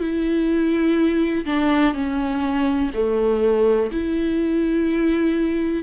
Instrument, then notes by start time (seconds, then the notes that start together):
viola
0.00 E4
1.46 D4
1.94 C#4
2.94 A3
3.91 E4